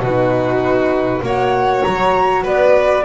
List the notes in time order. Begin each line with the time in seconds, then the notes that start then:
0.00 B2 D#4 F#4 B4
1.23 A#3 F#4 C#5 F#5
1.83 F#3 A#5
2.43 B3 B4 D5